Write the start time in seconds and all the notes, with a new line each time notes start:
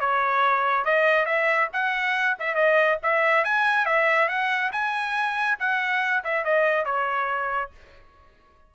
0.00 C#5
0.85 D#5
1.25 E5
1.73 F#5
2.39 E5
2.55 D#5
3.03 E5
3.44 G#5
3.86 E5
4.28 F#5
4.72 G#5
5.59 F#5
6.24 E5
6.44 D#5
6.85 C#5